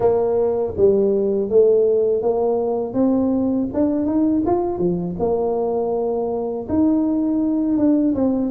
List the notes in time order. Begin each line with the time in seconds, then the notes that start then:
0.00 A#3
0.76 G3
1.49 A3
2.22 A#3
2.93 C4
3.73 D4
4.06 D#4
4.45 F4
4.78 F3
5.19 A#3
6.68 D#4
7.77 D4
8.14 C4